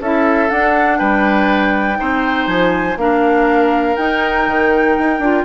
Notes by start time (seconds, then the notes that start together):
0.00 C#4 E4 A4 E5
0.49 D4 F#5
0.98 G3 B4 G5
1.95 C4 D#4 C5
2.47 F3 G#5
2.97 A#3 D4 A#4 F5
3.96 D#4 G5
4.47 D#3
4.98 D#4
5.19 D4 F4